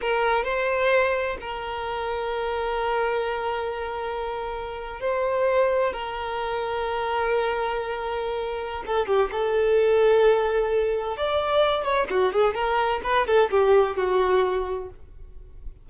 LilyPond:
\new Staff \with { instrumentName = "violin" } { \time 4/4 \tempo 4 = 129 ais'4 c''2 ais'4~ | ais'1~ | ais'2~ ais'8. c''4~ c''16~ | c''8. ais'2.~ ais'16~ |
ais'2. a'8 g'8 | a'1 | d''4. cis''8 fis'8 gis'8 ais'4 | b'8 a'8 g'4 fis'2 | }